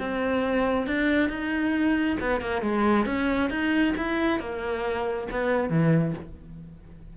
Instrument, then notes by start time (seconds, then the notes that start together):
cello
0.00 C4
0.87 D4
1.29 D#4
2.21 B3
2.41 A#3
2.62 G#3
3.06 C#4
3.51 D#4
3.97 E4
4.40 A#3
5.31 B3
5.70 E3